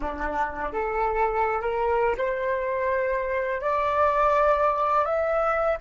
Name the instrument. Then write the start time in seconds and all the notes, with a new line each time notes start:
flute
0.00 D4
0.72 A4
1.61 A#4
2.17 C5
3.61 D5
5.05 E5